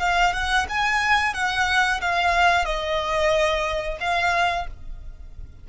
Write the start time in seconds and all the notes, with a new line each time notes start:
0.00 F5
0.33 F#5
0.69 G#5
1.34 F#5
2.01 F5
2.65 D#5
4.00 F5